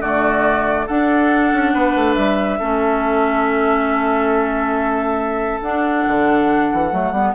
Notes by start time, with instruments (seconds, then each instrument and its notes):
0.00 bassoon D3, clarinet A3, oboe F#4, flute D5
0.86 clarinet D4, bassoon D4, oboe A4, flute F#5
1.53 bassoon C#4
1.73 bassoon B3, oboe B4
1.95 bassoon A3
2.14 bassoon G3, flute E5
2.59 bassoon A3, clarinet C#4, oboe A4
5.61 bassoon D4, clarinet D4, flute F#5
6.07 bassoon D3
6.73 bassoon E3
6.91 bassoon F#3, clarinet A3
7.11 bassoon G3, clarinet B3